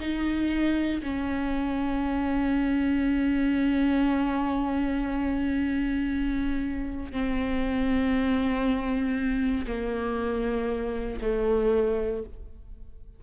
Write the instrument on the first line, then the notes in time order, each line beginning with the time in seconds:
viola
0.00 D#4
1.03 C#4
7.12 C4
9.67 A#3
11.22 A3